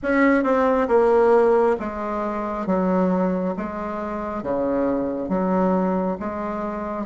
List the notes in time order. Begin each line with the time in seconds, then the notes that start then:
0.02 C#4
0.43 C4
0.88 A#3
1.79 G#3
2.66 F#3
3.56 G#3
4.42 C#3
5.29 F#3
6.19 G#3